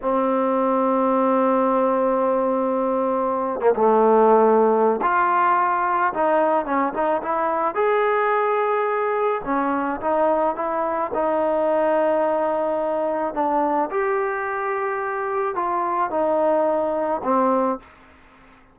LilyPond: \new Staff \with { instrumentName = "trombone" } { \time 4/4 \tempo 4 = 108 c'1~ | c'2~ c'8 ais16 a4~ a16~ | a4 f'2 dis'4 | cis'8 dis'8 e'4 gis'2~ |
gis'4 cis'4 dis'4 e'4 | dis'1 | d'4 g'2. | f'4 dis'2 c'4 | }